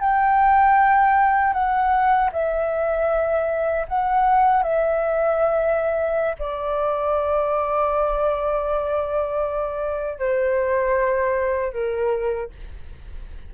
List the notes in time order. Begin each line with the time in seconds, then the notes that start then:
0.00 G5
1.53 F#5
2.33 E5
3.88 F#5
4.63 E5
6.39 D5
10.19 C5
11.73 A#4